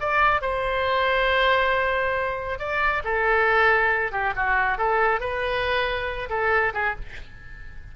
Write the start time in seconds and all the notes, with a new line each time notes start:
0.00 D5
0.41 C5
2.59 D5
3.04 A4
4.12 G4
4.36 F#4
4.78 A4
5.20 B4
6.29 A4
6.74 G#4